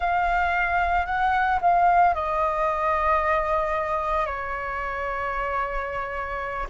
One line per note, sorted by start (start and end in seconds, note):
0.00 1.06 F5
1.06 1.59 F#5
1.61 2.14 F5
2.14 4.26 D#5
4.26 6.67 C#5